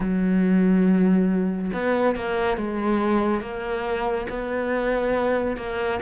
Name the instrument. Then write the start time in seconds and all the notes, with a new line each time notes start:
cello
0.00 F#3
1.73 B3
2.15 A#3
2.57 G#3
3.41 A#3
4.29 B3
5.56 A#3